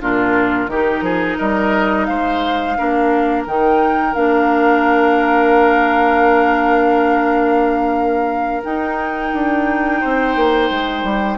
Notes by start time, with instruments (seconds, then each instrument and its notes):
0.00 bassoon A#2, clarinet D4, oboe F4, flute A#4
0.67 bassoon D#3, clarinet D#4, oboe G4
1.01 bassoon F3, oboe G#4
1.37 bassoon G3, oboe A#4, flute D#5
2.05 bassoon G#3, oboe C5, flute F5
2.77 bassoon A#3, clarinet D4, oboe A#4
3.46 bassoon D#3, clarinet D#4, flute G5
4.13 bassoon A#3, clarinet D4, flute F5
8.63 clarinet D#4, bassoon D#4, flute G5
9.33 bassoon D4
10.00 bassoon C4, oboe C5
10.35 bassoon A#3
10.70 bassoon G#3
11.03 bassoon G3